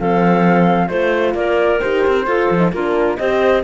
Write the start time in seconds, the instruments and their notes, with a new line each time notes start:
0.00 cello F3, horn C4, clarinet A4, flute F5
0.88 cello A3, horn F4, flute C5, clarinet C5
1.35 cello A#3, clarinet A#4, flute D5
1.81 cello D#4, horn G4, flute C5
2.07 cello C4
2.27 cello F4, horn F4, clarinet A4
2.51 cello F3
2.58 horn D#4
2.72 cello A#3, horn D4, clarinet F4, flute A#4
3.17 cello C4, horn G4, clarinet C5, flute D#5